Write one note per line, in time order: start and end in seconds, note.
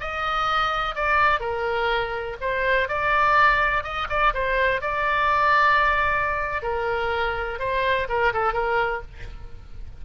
0.00 0.95 D#5
0.95 1.40 D5
1.40 2.37 A#4
2.40 2.88 C5
2.88 3.83 D5
3.83 4.07 D#5
4.09 4.33 D5
4.34 4.81 C5
4.81 6.62 D5
6.62 7.59 A#4
7.59 8.07 C5
8.08 8.32 A#4
8.33 8.53 A4
8.53 9.01 A#4